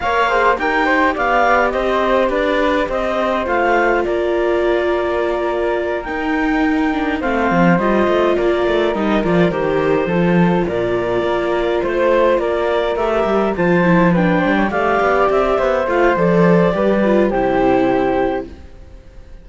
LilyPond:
<<
  \new Staff \with { instrumentName = "clarinet" } { \time 4/4 \tempo 4 = 104 f''4 g''4 f''4 dis''4 | d''4 dis''4 f''4 d''4~ | d''2~ d''8 g''4.~ | g''8 f''4 dis''4 d''4 dis''8 |
d''8 c''2 d''4.~ | d''8 c''4 d''4 e''4 a''8~ | a''8 g''4 f''4 e''4 f''8 | d''2 c''2 | }
  \new Staff \with { instrumentName = "flute" } { \time 4/4 cis''8 c''8 ais'8 c''8 d''4 c''4 | b'4 c''2 ais'4~ | ais'1~ | ais'8 c''2 ais'4.~ |
ais'4. a'4 ais'4.~ | ais'8 c''4 ais'2 c''8~ | c''8 b'8 c''16 cis''16 d''4. c''4~ | c''4 b'4 g'2 | }
  \new Staff \with { instrumentName = "viola" } { \time 4/4 ais'8 gis'8 g'2.~ | g'2 f'2~ | f'2~ f'8 dis'4. | d'8 c'4 f'2 dis'8 |
f'8 g'4 f'2~ f'8~ | f'2~ f'8 g'4 f'8 | e'8 d'4 g'2 f'8 | a'4 g'8 f'8 e'2 | }
  \new Staff \with { instrumentName = "cello" } { \time 4/4 ais4 dis'4 b4 c'4 | d'4 c'4 a4 ais4~ | ais2~ ais8 dis'4.~ | dis'8 a8 f8 g8 a8 ais8 a8 g8 |
f8 dis4 f4 ais,4 ais8~ | ais8 a4 ais4 a8 g8 f8~ | f4 g8 a8 b8 c'8 b8 a8 | f4 g4 c2 | }
>>